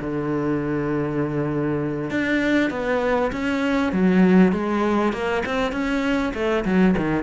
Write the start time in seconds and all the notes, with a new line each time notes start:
0.00 D3
2.10 D4
2.70 B3
3.32 C#4
3.92 F#3
4.52 G#3
5.13 A#3
5.45 C4
5.72 C#4
6.34 A3
6.65 F#3
6.97 D#3